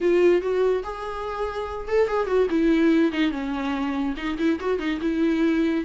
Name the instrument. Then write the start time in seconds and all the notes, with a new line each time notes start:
viola
0.00 F4
0.41 F#4
0.83 G#4
1.87 A4
2.07 G#4
2.27 F#4
2.50 E4
3.12 D#4
3.31 C#4
4.16 D#4
4.38 E4
4.59 F#4
4.79 D#4
5.01 E4